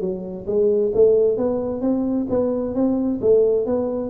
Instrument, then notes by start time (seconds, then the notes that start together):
tuba
0.00 F#3
0.46 G#3
0.94 A3
1.37 B3
1.81 C4
2.29 B3
2.74 C4
3.21 A3
3.66 B3